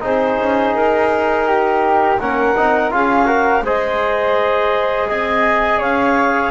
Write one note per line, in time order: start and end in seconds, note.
0.00 0.37 C4
0.00 2.17 D#4
0.00 1.47 G#4
0.00 0.74 C5
0.38 0.74 C#4
0.74 2.19 D#4
0.74 2.19 A#4
1.47 2.19 G4
2.19 2.55 A#3
2.19 2.55 C#4
2.19 2.93 A#4
2.19 2.91 F#5
2.55 2.91 C4
2.55 2.91 D#4
2.91 3.61 C#4
2.91 3.25 F4
2.91 3.26 G#4
2.91 3.64 F5
3.25 3.61 F#4
3.25 3.62 A#4
3.61 5.06 G#3
3.61 6.51 G#4
3.61 5.08 C5
3.61 5.08 D#5
5.08 5.80 C4
5.08 5.78 D#5
5.08 5.80 G#5
5.78 6.51 C#4
5.78 6.50 C#5
5.78 6.51 F5